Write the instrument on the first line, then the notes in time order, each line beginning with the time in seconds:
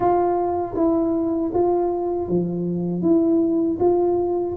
tuba
0.00 F4
0.75 E4
1.53 F4
2.28 F3
3.02 E4
3.79 F4